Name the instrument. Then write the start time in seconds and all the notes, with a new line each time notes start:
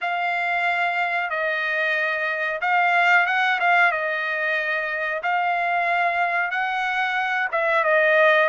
trumpet
0.01 F5
1.30 D#5
2.61 F5
3.26 F#5
3.60 F5
3.91 D#5
5.22 F5
6.50 F#5
7.51 E5
7.83 D#5